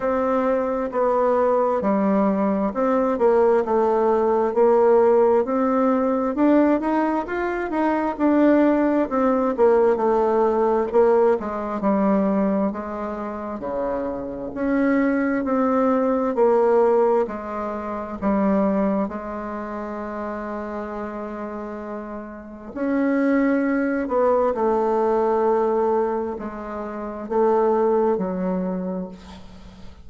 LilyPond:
\new Staff \with { instrumentName = "bassoon" } { \time 4/4 \tempo 4 = 66 c'4 b4 g4 c'8 ais8 | a4 ais4 c'4 d'8 dis'8 | f'8 dis'8 d'4 c'8 ais8 a4 | ais8 gis8 g4 gis4 cis4 |
cis'4 c'4 ais4 gis4 | g4 gis2.~ | gis4 cis'4. b8 a4~ | a4 gis4 a4 fis4 | }